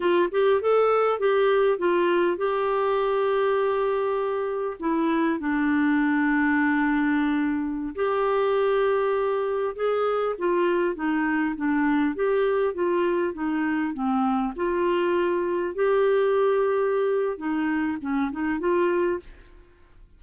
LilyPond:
\new Staff \with { instrumentName = "clarinet" } { \time 4/4 \tempo 4 = 100 f'8 g'8 a'4 g'4 f'4 | g'1 | e'4 d'2.~ | d'4~ d'16 g'2~ g'8.~ |
g'16 gis'4 f'4 dis'4 d'8.~ | d'16 g'4 f'4 dis'4 c'8.~ | c'16 f'2 g'4.~ g'16~ | g'4 dis'4 cis'8 dis'8 f'4 | }